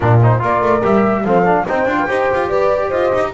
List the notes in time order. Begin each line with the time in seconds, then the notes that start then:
0.00 A#2 D4 F4 A#4
0.22 D#4 C5
0.39 A#3 F4 A#4 D5
0.62 A3
0.82 G3 G4 E5
1.24 F3 C4 A4 F5
1.45 D4
1.67 C4 D#4 C5 G5
1.85 D4 F4
1.99 B4
2.08 D#4 G4 C5
2.34 F4
2.48 G4 B4 D5
2.87 F4 C5 D#5
3.14 D#4